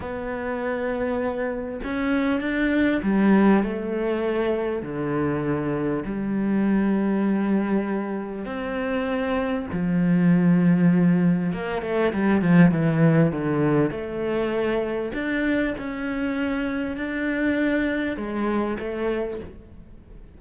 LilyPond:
\new Staff \with { instrumentName = "cello" } { \time 4/4 \tempo 4 = 99 b2. cis'4 | d'4 g4 a2 | d2 g2~ | g2 c'2 |
f2. ais8 a8 | g8 f8 e4 d4 a4~ | a4 d'4 cis'2 | d'2 gis4 a4 | }